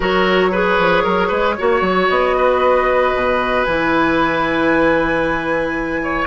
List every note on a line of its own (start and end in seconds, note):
0.00 0.78 F#3
0.00 0.52 F#4
0.00 0.51 A#4
0.00 2.09 C#5
0.51 1.56 G#4
0.51 1.03 B4
0.78 1.04 F3
1.03 1.31 F#3
1.03 1.28 A#4
1.28 1.57 G#3
1.28 1.54 B4
1.58 1.81 A#3
1.58 3.66 F#4
1.58 2.36 C#5
1.81 2.07 F#3
2.09 3.14 B3
2.09 3.64 D#5
2.36 6.02 B4
3.14 3.66 B2
3.64 6.27 E3
3.64 6.27 E4
3.64 6.25 G#5
6.02 6.27 C#5